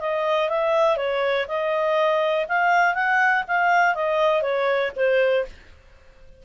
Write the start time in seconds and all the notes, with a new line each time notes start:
0.00 D#5
0.49 E5
0.97 C#5
1.48 D#5
2.49 F5
2.94 F#5
3.48 F5
3.95 D#5
4.42 C#5
4.96 C5